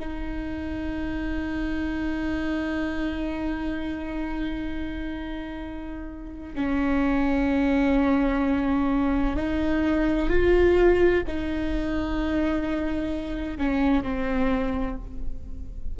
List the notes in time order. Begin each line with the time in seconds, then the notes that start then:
0.00 D#4
6.55 C#4
9.37 D#4
10.30 F4
11.27 D#4
13.58 C#4
14.03 C4